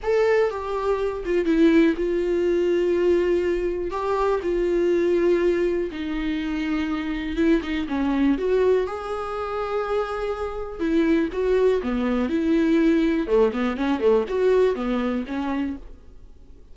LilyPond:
\new Staff \with { instrumentName = "viola" } { \time 4/4 \tempo 4 = 122 a'4 g'4. f'8 e'4 | f'1 | g'4 f'2. | dis'2. e'8 dis'8 |
cis'4 fis'4 gis'2~ | gis'2 e'4 fis'4 | b4 e'2 a8 b8 | cis'8 a8 fis'4 b4 cis'4 | }